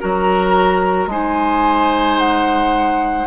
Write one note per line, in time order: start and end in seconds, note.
0.00 1.07 F#3
0.00 1.09 F#4
0.00 1.09 A#4
0.00 1.10 A#5
1.07 3.25 G#3
1.07 3.27 D#4
1.07 3.27 C5
1.07 2.19 G#5
2.19 3.27 F#5